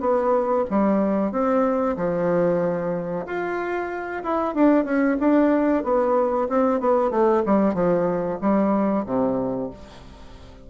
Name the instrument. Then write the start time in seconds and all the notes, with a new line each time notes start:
bassoon
0.00 B3
0.70 G3
1.32 C4
1.96 F3
3.26 F4
4.23 E4
4.55 D4
4.84 C#4
5.20 D4
5.84 B3
6.49 C4
6.80 B3
7.11 A3
7.46 G3
7.74 F3
8.41 G3
9.06 C3